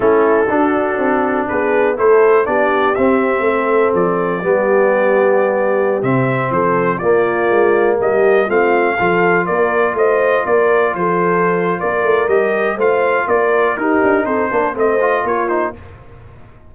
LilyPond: <<
  \new Staff \with { instrumentName = "trumpet" } { \time 4/4 \tempo 4 = 122 a'2. b'4 | c''4 d''4 e''2 | d''1~ | d''16 e''4 c''4 d''4.~ d''16~ |
d''16 dis''4 f''2 d''8.~ | d''16 dis''4 d''4 c''4.~ c''16 | d''4 dis''4 f''4 d''4 | ais'4 c''4 dis''4 cis''8 c''8 | }
  \new Staff \with { instrumentName = "horn" } { \time 4/4 e'4 fis'2 gis'4 | a'4 g'2 a'4~ | a'4 g'2.~ | g'4~ g'16 a'4 f'4.~ f'16~ |
f'16 g'4 f'4 a'4 ais'8.~ | ais'16 c''4 ais'4 a'4.~ a'16 | ais'2 c''4 ais'4 | g'4 a'8 ais'8 c''4 f'4 | }
  \new Staff \with { instrumentName = "trombone" } { \time 4/4 cis'4 d'2. | e'4 d'4 c'2~ | c'4 b2.~ | b16 c'2 ais4.~ ais16~ |
ais4~ ais16 c'4 f'4.~ f'16~ | f'1~ | f'4 g'4 f'2 | dis'4. d'8 c'8 f'4 dis'8 | }
  \new Staff \with { instrumentName = "tuba" } { \time 4/4 a4 d'4 c'4 b4 | a4 b4 c'4 a4 | f4 g2.~ | g16 c4 f4 ais4 gis8.~ |
gis16 g4 a4 f4 ais8.~ | ais16 a4 ais4 f4.~ f16 | ais8 a8 g4 a4 ais4 | dis'8 d'8 c'8 ais8 a4 ais4 | }
>>